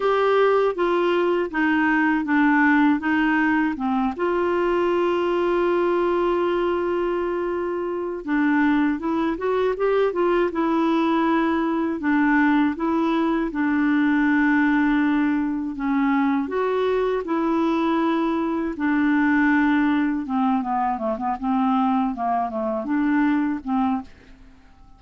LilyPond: \new Staff \with { instrumentName = "clarinet" } { \time 4/4 \tempo 4 = 80 g'4 f'4 dis'4 d'4 | dis'4 c'8 f'2~ f'8~ | f'2. d'4 | e'8 fis'8 g'8 f'8 e'2 |
d'4 e'4 d'2~ | d'4 cis'4 fis'4 e'4~ | e'4 d'2 c'8 b8 | a16 b16 c'4 ais8 a8 d'4 c'8 | }